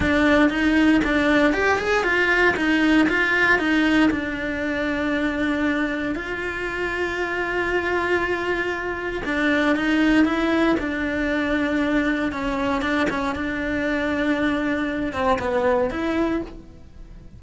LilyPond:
\new Staff \with { instrumentName = "cello" } { \time 4/4 \tempo 4 = 117 d'4 dis'4 d'4 g'8 gis'8 | f'4 dis'4 f'4 dis'4 | d'1 | f'1~ |
f'2 d'4 dis'4 | e'4 d'2. | cis'4 d'8 cis'8 d'2~ | d'4. c'8 b4 e'4 | }